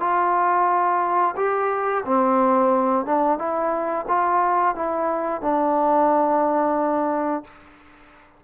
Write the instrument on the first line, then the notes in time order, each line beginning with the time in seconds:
trombone
0.00 F4
1.36 G4
2.05 C4
3.06 D4
3.38 E4
4.08 F4
4.75 E4
5.42 D4